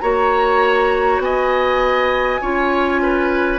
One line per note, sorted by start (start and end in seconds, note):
0.00 1.19 A#3
0.00 2.41 F#4
0.00 1.23 C#5
0.00 1.20 A#5
1.19 2.39 B3
1.19 2.41 D#5
1.19 3.59 G#5
2.41 3.59 C#4
2.41 3.59 F4
2.41 3.01 C#5
3.02 3.59 B4